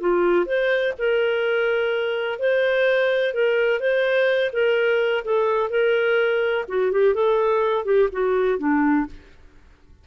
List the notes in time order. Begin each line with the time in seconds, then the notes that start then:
0.00 F4
0.45 C5
0.98 A#4
2.39 C5
3.34 A#4
3.79 C5
4.53 A#4
5.24 A4
5.70 A#4
6.68 F#4
6.92 G4
7.14 A4
7.85 G4
8.12 F#4
8.58 D4